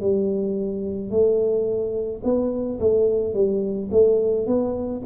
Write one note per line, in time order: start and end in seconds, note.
0.00 1.10 G3
1.10 2.21 A3
2.24 2.79 B3
2.80 3.34 A3
3.34 3.89 G3
3.91 4.46 A3
4.46 5.02 B3